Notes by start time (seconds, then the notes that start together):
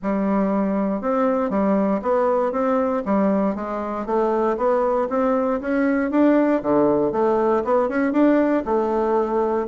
0.02 G3
1.01 C4
1.50 G3
2.02 B3
2.52 C4
3.05 G3
3.55 G#3
4.06 A3
4.57 B3
5.09 C4
5.60 C#4
6.11 D4
6.62 D3
7.12 A3
7.64 B3
7.88 C#4
8.12 D4
8.65 A3